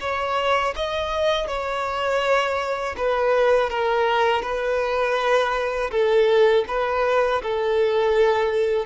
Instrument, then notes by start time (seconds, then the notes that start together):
violin
0.00 C#5
0.76 D#5
1.47 C#5
2.97 B4
3.70 A#4
4.42 B4
5.91 A4
6.68 B4
7.43 A4